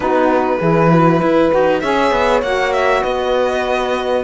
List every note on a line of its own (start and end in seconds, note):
0.00 0.57 B3
0.00 0.58 D#4
0.00 0.60 F#4
0.00 1.80 B4
0.60 1.21 E3
0.60 1.50 E4
0.60 0.90 G#4
0.90 1.21 F#4
1.21 1.51 E4
1.21 1.81 B4
1.50 1.83 D#4
1.50 1.81 F#4
1.80 2.11 C#4
1.80 2.43 G#4
1.80 3.01 C#5
1.80 2.40 E5
2.11 2.41 B3
2.42 3.02 A#3
2.42 4.24 F#4
2.42 2.72 F#5
2.72 3.03 E5
3.01 4.24 B3
3.01 4.23 B4
3.01 4.24 D#5